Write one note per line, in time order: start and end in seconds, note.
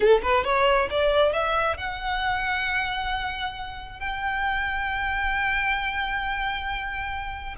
0.00 0.21 A4
0.22 0.44 B4
0.44 0.88 C#5
0.90 1.32 D5
1.32 1.77 E5
1.77 3.99 F#5
3.99 7.55 G5